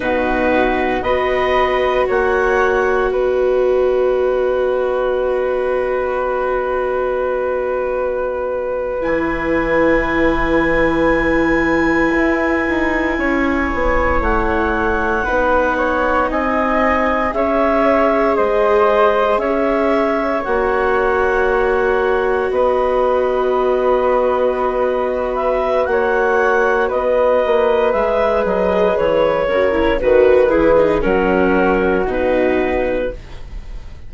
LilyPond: <<
  \new Staff \with { instrumentName = "clarinet" } { \time 4/4 \tempo 4 = 58 b'4 dis''4 fis''4 dis''4~ | dis''1~ | dis''8. gis''2.~ gis''16~ | gis''4.~ gis''16 fis''2 gis''16~ |
gis''8. e''4 dis''4 e''4 fis''16~ | fis''4.~ fis''16 dis''2~ dis''16~ | dis''8 e''8 fis''4 dis''4 e''8 dis''8 | cis''4 b'8 gis'8 ais'4 b'4 | }
  \new Staff \with { instrumentName = "flute" } { \time 4/4 fis'4 b'4 cis''4 b'4~ | b'1~ | b'1~ | b'8. cis''2 b'8 cis''8 dis''16~ |
dis''8. cis''4 c''4 cis''4~ cis''16~ | cis''4.~ cis''16 b'2~ b'16~ | b'4 cis''4 b'2~ | b'8 ais'8 b'4 fis'2 | }
  \new Staff \with { instrumentName = "viola" } { \time 4/4 dis'4 fis'2.~ | fis'1~ | fis'8. e'2.~ e'16~ | e'2~ e'8. dis'4~ dis'16~ |
dis'8. gis'2. fis'16~ | fis'1~ | fis'2. gis'4~ | gis'8 fis'16 e'16 fis'8 e'16 dis'16 cis'4 dis'4 | }
  \new Staff \with { instrumentName = "bassoon" } { \time 4/4 b,4 b4 ais4 b4~ | b1~ | b8. e2. e'16~ | e'16 dis'8 cis'8 b8 a4 b4 c'16~ |
c'8. cis'4 gis4 cis'4 ais16~ | ais4.~ ais16 b2~ b16~ | b4 ais4 b8 ais8 gis8 fis8 | e8 cis8 dis8 e8 fis4 b,4 | }
>>